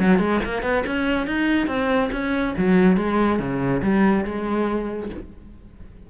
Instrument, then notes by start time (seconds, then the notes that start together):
cello
0.00 F#3
0.19 G#3
0.45 A#3
0.63 B3
0.87 C#4
1.27 D#4
1.68 C4
2.12 C#4
2.58 F#3
2.97 G#3
3.39 C#3
3.83 G3
4.25 G#3